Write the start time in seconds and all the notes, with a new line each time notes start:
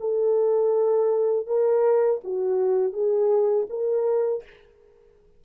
0.00 A4
1.46 A#4
2.24 F#4
2.93 G#4
3.69 A#4